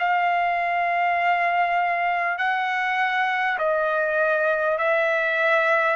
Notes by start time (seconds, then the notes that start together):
0.00 F5
2.38 F#5
3.59 D#5
4.79 E5